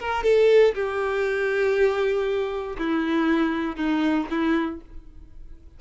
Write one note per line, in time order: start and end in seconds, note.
0.00 0.24 A#4
0.24 0.74 A4
0.75 2.77 G4
2.78 3.77 E4
3.77 4.27 D#4
4.30 4.81 E4